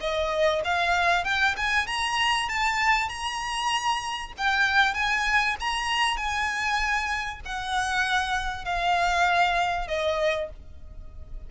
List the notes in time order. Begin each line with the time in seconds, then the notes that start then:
0.00 D#5
0.64 F5
1.24 G5
1.57 G#5
1.87 A#5
2.49 A5
3.08 A#5
4.37 G5
4.94 G#5
5.60 A#5
6.17 G#5
7.45 F#5
8.65 F5
9.87 D#5